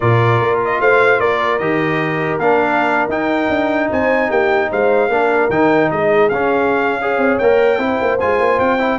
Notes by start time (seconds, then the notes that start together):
0.00 A#2 F4 A#4 D5
0.40 A#3
0.64 D#5
0.80 A3 C5 F5
1.19 A#3 A#4 D5
1.58 D#3 G4 D#5
2.38 A#3 D4 F5
3.08 D#4 G5
3.49 D4
3.90 C4 C5 G#5
4.28 A#3 G4 G5
4.70 G#3 C5 F5
5.08 A#3 D4 A#4
5.49 D#3 D#4 G5
5.90 G#3 G#4 D#5
6.29 C#4 F5
7.01 G#4 C#5
7.17 C4
7.38 A#3 A#4 G5
7.78 C4 E4
7.84 C5
8.01 A#3
8.19 G#3 F4 G#5
8.39 A#3
8.59 C4 G5
8.78 E4